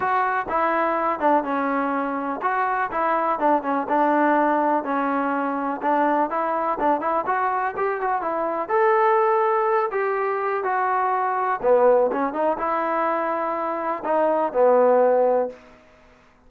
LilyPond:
\new Staff \with { instrumentName = "trombone" } { \time 4/4 \tempo 4 = 124 fis'4 e'4. d'8 cis'4~ | cis'4 fis'4 e'4 d'8 cis'8 | d'2 cis'2 | d'4 e'4 d'8 e'8 fis'4 |
g'8 fis'8 e'4 a'2~ | a'8 g'4. fis'2 | b4 cis'8 dis'8 e'2~ | e'4 dis'4 b2 | }